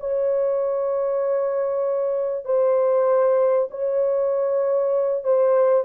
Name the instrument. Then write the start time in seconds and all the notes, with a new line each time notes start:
horn
0.00 C#5
2.45 C5
3.71 C#5
5.24 C5